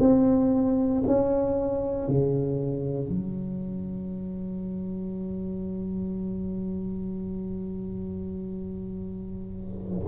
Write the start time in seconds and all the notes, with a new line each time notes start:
0.00 C4
1.07 C#4
2.08 C#3
3.09 F#3